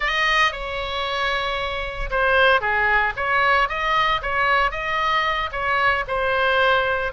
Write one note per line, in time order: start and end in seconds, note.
0.00 0.51 D#5
0.52 2.10 C#5
2.10 2.60 C5
2.60 3.13 G#4
3.16 3.68 C#5
3.68 4.21 D#5
4.22 4.71 C#5
4.71 5.50 D#5
5.51 6.04 C#5
6.07 7.12 C5